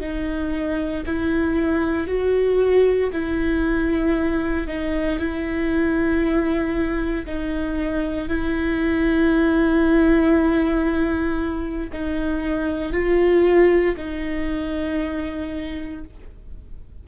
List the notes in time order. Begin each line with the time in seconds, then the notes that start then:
0.00 D#4
1.05 E4
2.07 F#4
3.12 E4
4.67 D#4
5.18 E4
7.26 D#4
8.28 E4
11.92 D#4
12.92 F4
13.97 D#4